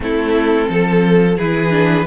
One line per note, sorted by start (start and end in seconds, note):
0.00 0.68 A3
0.00 1.37 C4
0.00 0.68 E4
0.00 1.38 A4
0.68 1.38 F3
0.68 1.36 A4
1.36 2.06 E3
1.36 1.70 E4
1.36 2.05 G#4
1.36 2.06 B4
1.70 2.05 D4